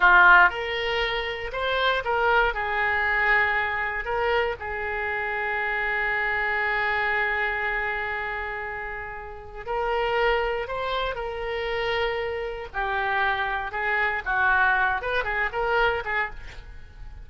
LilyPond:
\new Staff \with { instrumentName = "oboe" } { \time 4/4 \tempo 4 = 118 f'4 ais'2 c''4 | ais'4 gis'2. | ais'4 gis'2.~ | gis'1~ |
gis'2. ais'4~ | ais'4 c''4 ais'2~ | ais'4 g'2 gis'4 | fis'4. b'8 gis'8 ais'4 gis'8 | }